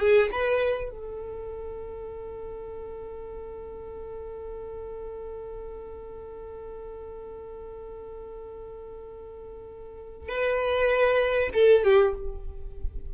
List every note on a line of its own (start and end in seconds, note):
0.00 0.30 G#4
0.32 0.91 B4
0.91 10.29 A4
10.29 11.50 B4
11.54 11.84 A4
11.84 12.14 G4